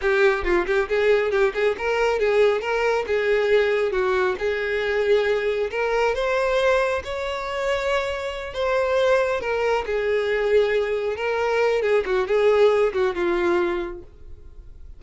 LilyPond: \new Staff \with { instrumentName = "violin" } { \time 4/4 \tempo 4 = 137 g'4 f'8 g'8 gis'4 g'8 gis'8 | ais'4 gis'4 ais'4 gis'4~ | gis'4 fis'4 gis'2~ | gis'4 ais'4 c''2 |
cis''2.~ cis''8 c''8~ | c''4. ais'4 gis'4.~ | gis'4. ais'4. gis'8 fis'8 | gis'4. fis'8 f'2 | }